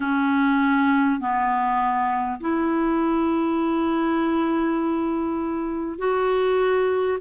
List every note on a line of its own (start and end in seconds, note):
0.00 1.19 C#4
1.19 2.39 B3
2.40 5.98 E4
5.98 7.18 F#4